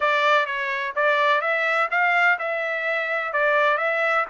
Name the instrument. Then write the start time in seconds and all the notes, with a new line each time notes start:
trumpet
0.00 D5
0.46 C#5
0.95 D5
1.41 E5
1.90 F5
2.39 E5
3.32 D5
3.77 E5